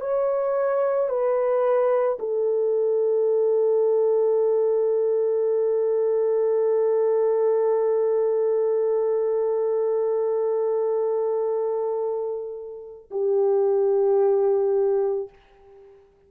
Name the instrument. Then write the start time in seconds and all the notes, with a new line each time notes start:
horn
0.00 C#5
1.09 B4
2.19 A4
13.11 G4